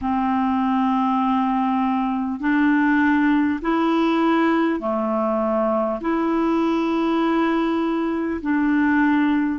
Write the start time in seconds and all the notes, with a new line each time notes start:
0.01 C4
2.40 D4
3.61 E4
4.79 A3
6.00 E4
8.41 D4